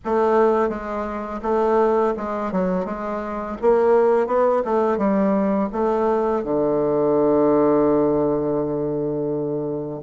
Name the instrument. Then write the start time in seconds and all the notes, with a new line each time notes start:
bassoon
0.05 A3
0.69 G#3
1.42 A3
2.16 G#3
2.52 F#3
2.85 G#3
3.61 A#3
4.26 B3
4.65 A3
4.97 G3
5.72 A3
6.43 D3